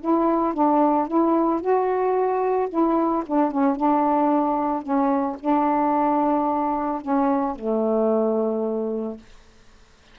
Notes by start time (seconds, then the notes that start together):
0.00 E4
0.53 D4
1.07 E4
1.60 F#4
2.69 E4
3.26 D4
3.51 C#4
3.75 D4
4.82 C#4
5.40 D4
7.01 C#4
7.55 A3